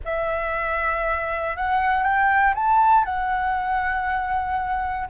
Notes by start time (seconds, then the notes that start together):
0.04 E5
1.56 F#5
2.03 G5
2.54 A5
3.05 F#5